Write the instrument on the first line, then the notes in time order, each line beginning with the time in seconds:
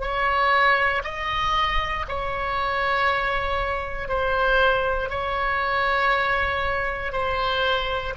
oboe
0.00 C#5
1.04 D#5
2.08 C#5
4.08 C5
5.09 C#5
7.12 C5